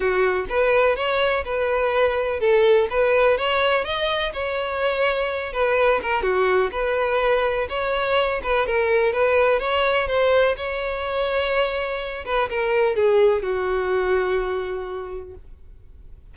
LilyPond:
\new Staff \with { instrumentName = "violin" } { \time 4/4 \tempo 4 = 125 fis'4 b'4 cis''4 b'4~ | b'4 a'4 b'4 cis''4 | dis''4 cis''2~ cis''8 b'8~ | b'8 ais'8 fis'4 b'2 |
cis''4. b'8 ais'4 b'4 | cis''4 c''4 cis''2~ | cis''4. b'8 ais'4 gis'4 | fis'1 | }